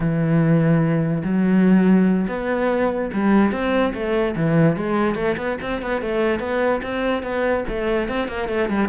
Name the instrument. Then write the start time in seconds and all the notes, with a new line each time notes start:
cello
0.00 E3
1.23 F#3
2.28 B3
3.13 G3
3.52 C4
3.93 A3
4.36 E3
4.76 G#3
5.15 A3
5.37 B3
5.61 C4
5.82 B3
6.01 A3
6.39 B3
6.82 C4
7.22 B3
7.68 A3
8.08 C4
8.28 A#3
8.48 A3
8.69 G3